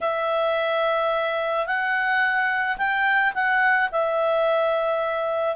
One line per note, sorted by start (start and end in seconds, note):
0.01 1.66 E5
1.66 2.77 F#5
2.77 3.33 G5
3.34 3.90 F#5
3.91 5.56 E5